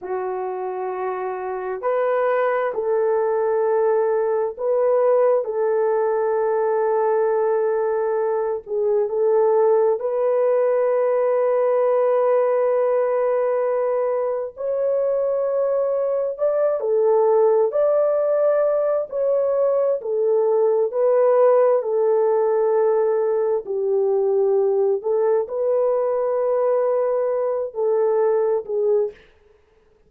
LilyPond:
\new Staff \with { instrumentName = "horn" } { \time 4/4 \tempo 4 = 66 fis'2 b'4 a'4~ | a'4 b'4 a'2~ | a'4. gis'8 a'4 b'4~ | b'1 |
cis''2 d''8 a'4 d''8~ | d''4 cis''4 a'4 b'4 | a'2 g'4. a'8 | b'2~ b'8 a'4 gis'8 | }